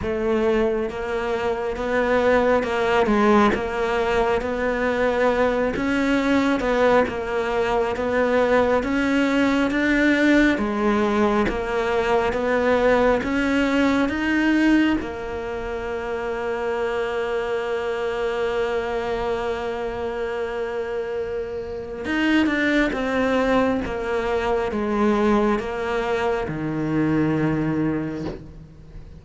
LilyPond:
\new Staff \with { instrumentName = "cello" } { \time 4/4 \tempo 4 = 68 a4 ais4 b4 ais8 gis8 | ais4 b4. cis'4 b8 | ais4 b4 cis'4 d'4 | gis4 ais4 b4 cis'4 |
dis'4 ais2.~ | ais1~ | ais4 dis'8 d'8 c'4 ais4 | gis4 ais4 dis2 | }